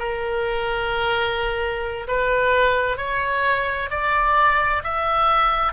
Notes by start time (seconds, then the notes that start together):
0.00 A#4
2.08 B4
2.98 C#5
3.91 D5
4.84 E5